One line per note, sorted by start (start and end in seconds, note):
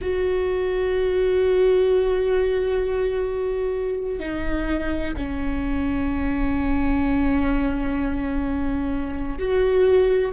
0.01 4.19 F#4
4.19 5.13 D#4
5.16 9.38 C#4
9.38 10.32 F#4